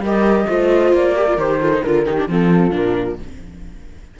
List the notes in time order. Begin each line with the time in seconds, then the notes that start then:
0.00 G3 G4 A#4 D#5
0.48 A3 F4 C5
0.92 A#3 D5
1.15 G4 A#4
1.27 F4
1.37 D#3 G4 C5
1.60 F4 A4
1.72 D#4
1.83 D3 F4 A#4
2.05 D#3 D#4 G4
2.17 D4
2.28 F3 C4 F4 A4
2.70 A#2 D4 A#4